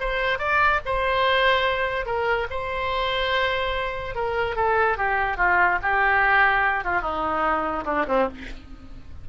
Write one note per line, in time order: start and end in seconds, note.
0.00 0.38 C5
0.38 0.80 D5
0.85 2.05 C5
2.05 2.47 A#4
2.50 4.15 C5
4.15 4.56 A#4
4.56 4.97 A4
4.97 5.37 G4
5.37 5.78 F4
5.82 6.84 G4
6.84 7.01 F4
7.01 7.84 D#4
7.85 8.05 D4
8.07 8.28 C4